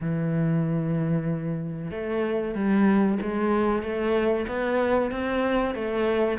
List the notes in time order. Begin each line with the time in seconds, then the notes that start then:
0.01 E3
1.91 A3
2.54 G3
3.21 G#3
3.82 A3
4.47 B3
5.11 C4
5.74 A3